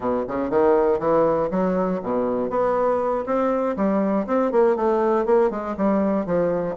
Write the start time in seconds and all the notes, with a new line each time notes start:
0.00 B2
0.28 C#3
0.50 D#3
0.99 E3
1.50 F#3
2.02 B2
2.50 B3
3.26 C4
3.76 G3
4.27 C4
4.51 A#3
4.76 A3
5.25 A#3
5.50 G#3
5.77 G3
6.25 F3